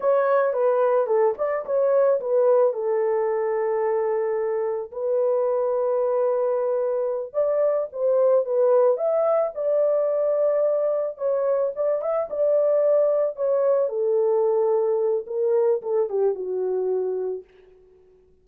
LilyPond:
\new Staff \with { instrumentName = "horn" } { \time 4/4 \tempo 4 = 110 cis''4 b'4 a'8 d''8 cis''4 | b'4 a'2.~ | a'4 b'2.~ | b'4. d''4 c''4 b'8~ |
b'8 e''4 d''2~ d''8~ | d''8 cis''4 d''8 e''8 d''4.~ | d''8 cis''4 a'2~ a'8 | ais'4 a'8 g'8 fis'2 | }